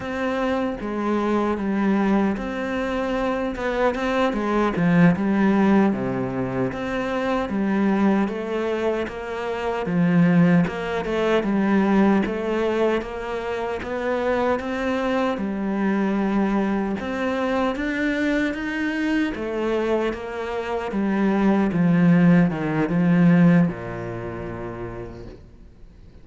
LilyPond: \new Staff \with { instrumentName = "cello" } { \time 4/4 \tempo 4 = 76 c'4 gis4 g4 c'4~ | c'8 b8 c'8 gis8 f8 g4 c8~ | c8 c'4 g4 a4 ais8~ | ais8 f4 ais8 a8 g4 a8~ |
a8 ais4 b4 c'4 g8~ | g4. c'4 d'4 dis'8~ | dis'8 a4 ais4 g4 f8~ | f8 dis8 f4 ais,2 | }